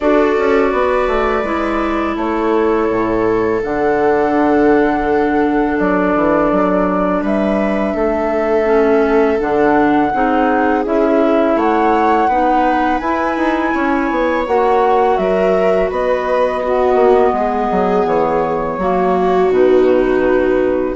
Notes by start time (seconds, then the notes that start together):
0.00 D4 F#4 A4 D5
0.38 C#4
0.71 B3 B4
1.07 A3
1.43 G#3 E4
2.16 A3 A4 C#5
2.89 A2
3.63 D3 D4 F#5
5.78 F#3 D5
6.15 E3
6.51 F#3
7.22 G3 B4 E5
7.94 A3 A4
8.65 C#4
9.39 D3 D4 F#5
10.13 C4 D#4 G#4
10.84 C#4 E4 E5
11.56 A3 C#5 F#5
12.27 B3 D#4 B4
12.98 E4 G#5
13.36 D#4
13.74 C#4 C#5
14.10 B3
14.46 A#3 F#4 F#5
15.17 F#3 A#4 E5
15.90 B3 B4 D#5
16.62 B3 F#4
16.94 A#3
17.32 G#3 G#4
17.71 F#3
18.05 E3 C#5
18.77 F#3 A#3 F#4
19.49 B2 D#4 B4